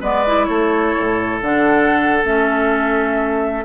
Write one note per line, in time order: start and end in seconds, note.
0.00 0.48 G#3
0.00 0.25 B3
0.00 0.47 B4
0.00 0.45 D5
0.26 1.42 E4
0.45 0.95 A3
0.45 3.64 A4
0.45 1.39 C#5
0.96 1.41 A2
1.41 2.23 D3
1.41 2.24 D4
1.41 2.24 F#5
2.24 3.64 A3
2.24 3.64 C#4
2.24 3.64 E5